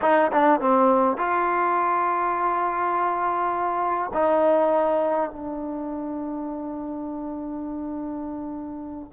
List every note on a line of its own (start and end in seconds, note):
0.01 0.31 D#4
0.32 0.60 D4
0.60 1.17 C4
1.17 4.11 F4
4.13 5.30 D#4
5.30 9.12 D4